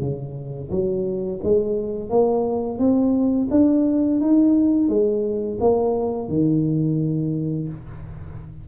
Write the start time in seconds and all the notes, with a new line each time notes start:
0.00 C#3
0.70 F#3
1.43 G#3
2.10 A#3
2.78 C4
3.50 D4
4.21 D#4
4.88 G#3
5.60 A#3
6.28 D#3